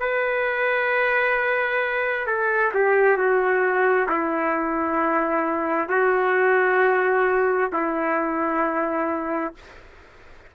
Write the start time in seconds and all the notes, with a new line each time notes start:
0.00 B4
2.27 A4
2.74 G4
3.17 F#4
4.09 E4
5.89 F#4
7.73 E4